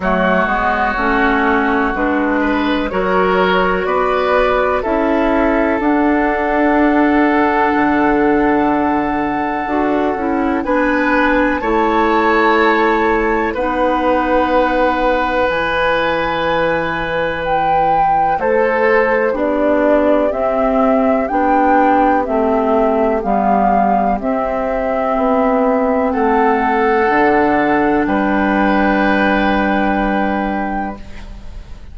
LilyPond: <<
  \new Staff \with { instrumentName = "flute" } { \time 4/4 \tempo 4 = 62 cis''2 b'4 cis''4 | d''4 e''4 fis''2~ | fis''2. gis''4 | a''2 fis''2 |
gis''2 g''4 c''4 | d''4 e''4 g''4 e''4 | f''4 e''2 fis''4~ | fis''4 g''2. | }
  \new Staff \with { instrumentName = "oboe" } { \time 4/4 fis'2~ fis'8 b'8 ais'4 | b'4 a'2.~ | a'2. b'4 | cis''2 b'2~ |
b'2. a'4 | g'1~ | g'2. a'4~ | a'4 b'2. | }
  \new Staff \with { instrumentName = "clarinet" } { \time 4/4 a8 b8 cis'4 d'4 fis'4~ | fis'4 e'4 d'2~ | d'2 fis'8 e'8 d'4 | e'2 dis'2 |
e'1 | d'4 c'4 d'4 c'4 | b4 c'2. | d'1 | }
  \new Staff \with { instrumentName = "bassoon" } { \time 4/4 fis8 gis8 a4 gis4 fis4 | b4 cis'4 d'2 | d2 d'8 cis'8 b4 | a2 b2 |
e2. a4 | b4 c'4 b4 a4 | g4 c'4 b4 a4 | d4 g2. | }
>>